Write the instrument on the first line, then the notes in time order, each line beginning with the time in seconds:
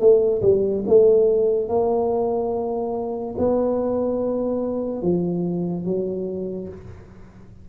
tuba
0.00 A3
0.42 G3
0.87 A3
1.69 A#3
3.38 B3
5.02 F3
5.84 F#3